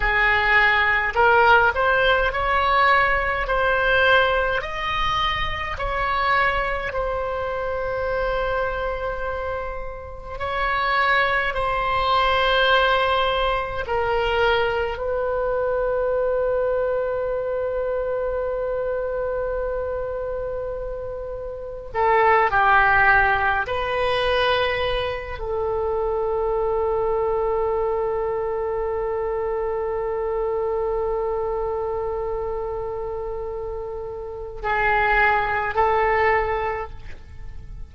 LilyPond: \new Staff \with { instrumentName = "oboe" } { \time 4/4 \tempo 4 = 52 gis'4 ais'8 c''8 cis''4 c''4 | dis''4 cis''4 c''2~ | c''4 cis''4 c''2 | ais'4 b'2.~ |
b'2. a'8 g'8~ | g'8 b'4. a'2~ | a'1~ | a'2 gis'4 a'4 | }